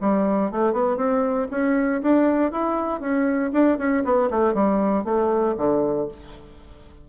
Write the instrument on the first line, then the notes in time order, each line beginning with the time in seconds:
bassoon
0.00 G3
0.51 A3
0.72 B3
0.96 C4
1.50 C#4
2.02 D4
2.51 E4
3.00 C#4
3.53 D4
3.78 C#4
4.04 B3
4.30 A3
4.54 G3
5.04 A3
5.57 D3